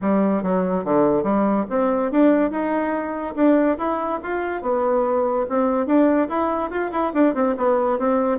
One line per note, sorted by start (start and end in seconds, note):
0.01 0.43 G3
0.43 0.84 F#3
0.84 1.23 D3
1.23 1.65 G3
1.69 2.11 C4
2.11 2.50 D4
2.50 3.34 D#4
3.35 3.77 D4
3.78 4.20 E4
4.22 4.62 F4
4.62 5.46 B3
5.49 5.86 C4
5.86 6.28 D4
6.29 6.70 E4
6.70 6.91 F4
6.91 7.12 E4
7.13 7.34 D4
7.34 7.55 C4
7.57 7.98 B3
7.98 8.38 C4